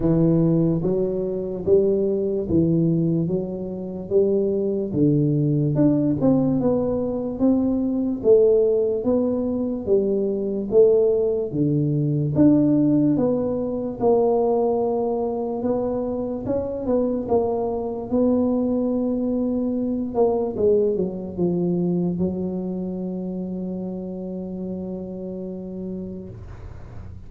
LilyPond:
\new Staff \with { instrumentName = "tuba" } { \time 4/4 \tempo 4 = 73 e4 fis4 g4 e4 | fis4 g4 d4 d'8 c'8 | b4 c'4 a4 b4 | g4 a4 d4 d'4 |
b4 ais2 b4 | cis'8 b8 ais4 b2~ | b8 ais8 gis8 fis8 f4 fis4~ | fis1 | }